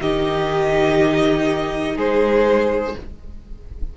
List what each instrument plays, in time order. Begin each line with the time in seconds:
0.00 cello D#3, viola D#4, violin G4 D#5
1.96 cello G#3, violin G#4 C5